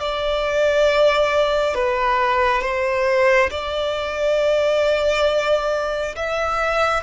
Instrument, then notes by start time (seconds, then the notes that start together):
violin
0.00 D5
1.75 B4
2.62 C5
3.51 D5
6.16 E5